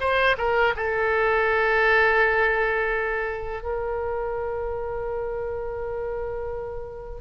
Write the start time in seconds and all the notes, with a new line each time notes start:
0.00 C5
0.38 A#4
0.76 A4
3.62 A#4